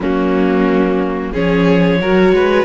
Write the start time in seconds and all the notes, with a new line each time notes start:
0.00 F#3 A#3 C#4 F#4
1.32 F3 C#4 G#4 C#5
2.00 F#3 F#4 A#4
2.32 G#3 B4